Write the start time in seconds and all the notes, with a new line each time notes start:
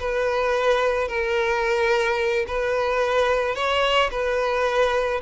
0.00 B4
1.08 A#4
2.48 B4
3.56 C#5
4.11 B4